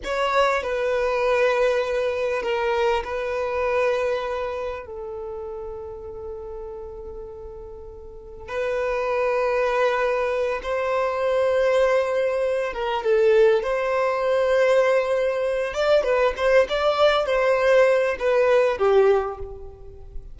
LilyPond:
\new Staff \with { instrumentName = "violin" } { \time 4/4 \tempo 4 = 99 cis''4 b'2. | ais'4 b'2. | a'1~ | a'2 b'2~ |
b'4. c''2~ c''8~ | c''4 ais'8 a'4 c''4.~ | c''2 d''8 b'8 c''8 d''8~ | d''8 c''4. b'4 g'4 | }